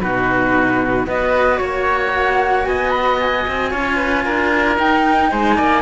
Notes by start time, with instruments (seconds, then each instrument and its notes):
0.00 cello B2 D#4, oboe F#4, flute B4
1.06 cello B3 F#4, oboe B4, flute D#5
1.57 cello A#3, flute C#5, oboe C#5
2.12 flute F#5
2.65 cello B3, oboe D#5, flute G#5
2.90 flute B5
3.19 flute G#5
3.47 cello C4
3.70 cello C#4 F4, oboe C#5
3.96 oboe B4
4.25 cello D4, oboe A#4
4.75 cello D#4, flute G5
5.31 cello G#3, oboe C5, flute G#5
5.56 cello A#3, oboe D5